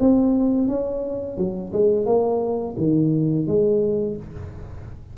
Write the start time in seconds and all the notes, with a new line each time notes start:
0.00 C4
0.68 C#4
1.38 F#3
1.73 G#3
2.06 A#3
2.78 D#3
3.47 G#3